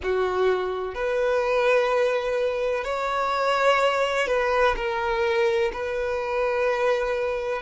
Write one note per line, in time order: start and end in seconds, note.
0.03 0.94 F#4
0.94 2.84 B4
2.84 4.27 C#5
4.27 4.74 B4
4.76 5.71 A#4
5.72 7.62 B4